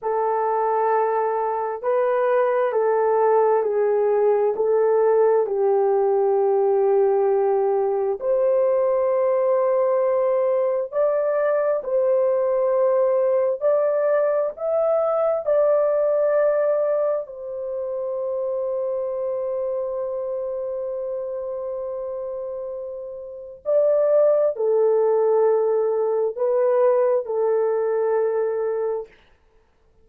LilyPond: \new Staff \with { instrumentName = "horn" } { \time 4/4 \tempo 4 = 66 a'2 b'4 a'4 | gis'4 a'4 g'2~ | g'4 c''2. | d''4 c''2 d''4 |
e''4 d''2 c''4~ | c''1~ | c''2 d''4 a'4~ | a'4 b'4 a'2 | }